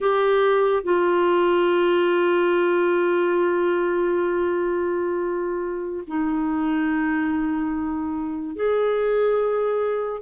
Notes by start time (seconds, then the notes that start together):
0.00 G4
0.83 F4
6.07 D#4
8.55 G#4